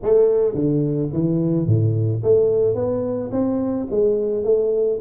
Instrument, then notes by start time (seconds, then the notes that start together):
tuba
0.02 A3
0.54 D3
1.12 E3
1.66 A2
2.23 A3
2.74 B3
3.31 C4
3.90 G#3
4.43 A3